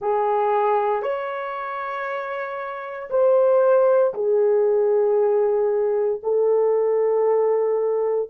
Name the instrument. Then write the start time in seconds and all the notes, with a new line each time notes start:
horn
0.00 G#4
1.02 C#5
3.10 C5
4.14 G#4
6.23 A4